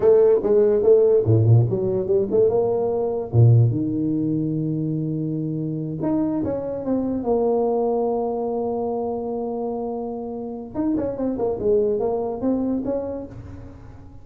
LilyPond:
\new Staff \with { instrumentName = "tuba" } { \time 4/4 \tempo 4 = 145 a4 gis4 a4 a,8 ais,8 | fis4 g8 a8 ais2 | ais,4 dis2.~ | dis2~ dis8 dis'4 cis'8~ |
cis'8 c'4 ais2~ ais8~ | ais1~ | ais2 dis'8 cis'8 c'8 ais8 | gis4 ais4 c'4 cis'4 | }